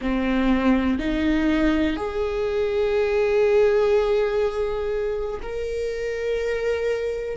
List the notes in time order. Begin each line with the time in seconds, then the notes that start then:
0.01 C4
0.98 D#4
1.96 G#4
5.42 A#4